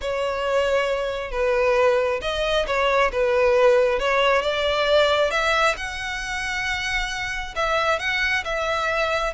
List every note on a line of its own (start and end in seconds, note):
0.01 1.31 C#5
1.31 2.20 B4
2.21 2.65 D#5
2.66 3.11 C#5
3.12 3.99 B4
3.99 4.42 C#5
4.42 5.30 D5
5.30 5.75 E5
5.77 7.54 F#5
7.55 7.99 E5
7.99 8.43 F#5
8.44 9.33 E5